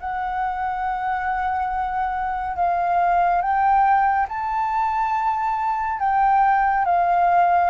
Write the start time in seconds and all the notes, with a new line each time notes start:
0.00 F#5
2.56 F5
3.41 G5
4.29 A5
5.99 G5
6.85 F5